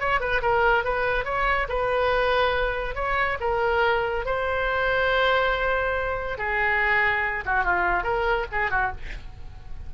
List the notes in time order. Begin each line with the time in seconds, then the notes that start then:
0.00 C#5
0.21 B4
0.42 A#4
0.85 B4
1.25 C#5
1.69 B4
2.95 C#5
3.41 A#4
4.26 C5
6.38 G#4
7.46 F#4
7.64 F4
8.04 A#4
8.52 G#4
8.71 F#4